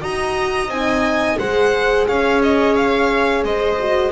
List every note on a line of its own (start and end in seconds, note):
0.00 0.68 D#4
0.00 0.68 F#4
0.00 1.37 D#5
0.00 0.70 A#5
0.68 1.36 C4
0.68 1.39 D#4
0.68 1.38 G#5
1.39 2.07 G#3
1.39 3.78 G#4
1.39 2.07 C5
1.39 2.07 F#5
2.07 3.43 C#4
2.07 3.44 C#5
2.07 2.41 F5
2.42 2.75 D#5
2.75 3.44 F5
3.43 4.11 G#3
3.43 4.11 C5
3.43 4.11 D#5
3.79 4.11 F#4